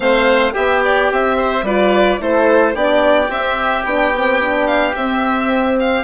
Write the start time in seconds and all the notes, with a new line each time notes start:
0.00 A3 C4 C5 F5
0.51 B3 G4 E5
0.84 D5
1.11 C4 E5
1.37 C5
1.62 G3 F4 B4 D5
2.18 A3 E4 A4 C5
2.74 B3 D4 G4 D5
3.29 C4 E5
3.84 B3 D4 G5
4.15 C4
4.40 D4
4.66 F5
4.95 C4 E5
5.79 F5